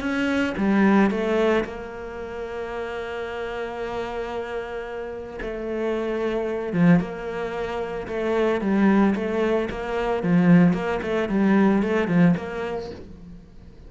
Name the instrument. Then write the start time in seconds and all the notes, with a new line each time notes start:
cello
0.00 C#4
0.57 G3
1.11 A3
1.64 A#3
5.41 A3
6.73 F3
7.00 A#3
8.07 A3
8.61 G3
9.15 A3
9.70 A#3
10.22 F3
10.73 A#3
11.02 A3
11.29 G3
11.82 A3
12.08 F3
12.37 A#3